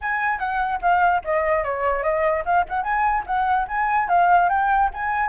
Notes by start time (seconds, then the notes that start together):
0.01 G#5
0.38 F#5
0.81 F5
1.24 D#5
1.64 C#5
2.03 D#5
2.45 F5
2.68 F#5
2.83 G#5
3.26 F#5
3.68 G#5
4.08 F5
4.49 G5
4.93 G#5